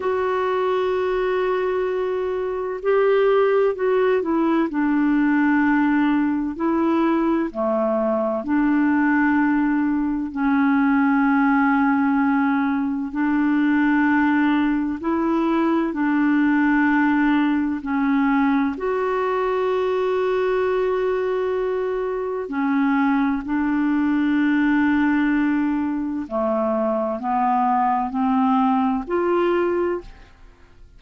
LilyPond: \new Staff \with { instrumentName = "clarinet" } { \time 4/4 \tempo 4 = 64 fis'2. g'4 | fis'8 e'8 d'2 e'4 | a4 d'2 cis'4~ | cis'2 d'2 |
e'4 d'2 cis'4 | fis'1 | cis'4 d'2. | a4 b4 c'4 f'4 | }